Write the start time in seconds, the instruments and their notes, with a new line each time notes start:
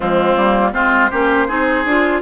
0.00 bassoon F3, clarinet G#3, oboe C4, flute F4
0.36 bassoon G3, clarinet A#3
0.72 bassoon G#3, clarinet C4, oboe F4, flute C5
1.10 bassoon A#3, clarinet C#4, oboe G4
1.47 bassoon C4, clarinet D#4, oboe G#4
1.84 bassoon D4, clarinet F4